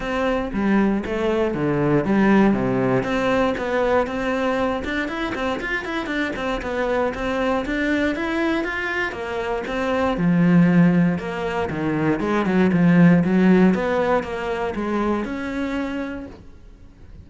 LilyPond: \new Staff \with { instrumentName = "cello" } { \time 4/4 \tempo 4 = 118 c'4 g4 a4 d4 | g4 c4 c'4 b4 | c'4. d'8 e'8 c'8 f'8 e'8 | d'8 c'8 b4 c'4 d'4 |
e'4 f'4 ais4 c'4 | f2 ais4 dis4 | gis8 fis8 f4 fis4 b4 | ais4 gis4 cis'2 | }